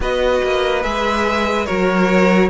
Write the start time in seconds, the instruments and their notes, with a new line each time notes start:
0.00 cello B3, viola F#4, violin B4 D#5
0.44 cello A#3
0.82 cello G#3, viola G#4, violin E5
1.65 cello F#3, viola F#4, violin A#4 C#5